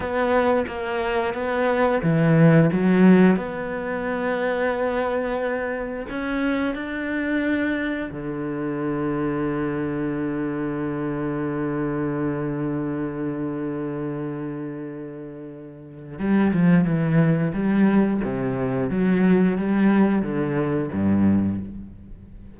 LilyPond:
\new Staff \with { instrumentName = "cello" } { \time 4/4 \tempo 4 = 89 b4 ais4 b4 e4 | fis4 b2.~ | b4 cis'4 d'2 | d1~ |
d1~ | d1 | g8 f8 e4 g4 c4 | fis4 g4 d4 g,4 | }